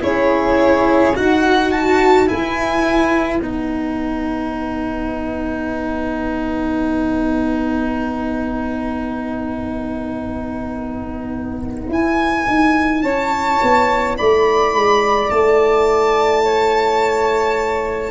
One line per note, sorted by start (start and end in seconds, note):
0.00 1.17 C#4
0.00 1.13 E4
0.00 1.17 G#4
0.00 1.16 C#5
1.15 2.30 D#4
1.15 2.27 F#4
1.15 2.29 F#4
1.15 1.71 F#5
1.71 2.28 A5
2.27 3.40 E4
2.27 3.41 E4
2.27 13.04 B4
2.27 3.39 G#5
3.39 11.89 B3
3.39 11.92 D#4
3.39 11.88 F#5
11.89 12.46 E4
11.89 18.11 E4
11.89 13.02 G#5
12.47 13.03 D#4
13.02 13.60 C#4
13.02 14.17 C#5
13.02 14.16 A5
13.62 14.19 B3
14.18 14.73 A3
14.18 16.43 D5
14.18 15.30 B5
14.73 15.30 G#3
15.30 18.11 A3
15.30 18.11 A5
16.43 18.11 C#5